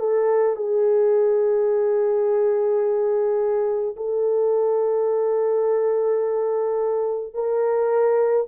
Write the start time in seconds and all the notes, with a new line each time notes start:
0.00 A4
0.56 G#4
3.97 A4
7.34 A#4